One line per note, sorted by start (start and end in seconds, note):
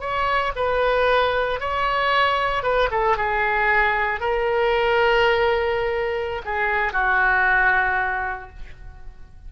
0.00 0.52 C#5
0.55 1.60 B4
1.60 2.63 C#5
2.63 2.89 B4
2.91 3.17 A4
3.17 4.20 G#4
4.20 6.42 A#4
6.45 6.92 G#4
6.92 8.49 F#4